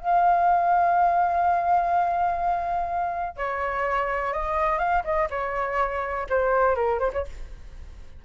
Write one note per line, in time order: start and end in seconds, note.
0.00 3.37 F5
3.37 4.33 C#5
4.33 4.79 D#5
4.79 5.03 F5
5.04 5.29 D#5
5.30 6.27 C#5
6.29 6.75 C5
6.75 7.00 A#4
7.00 7.12 C5
7.13 7.25 C#5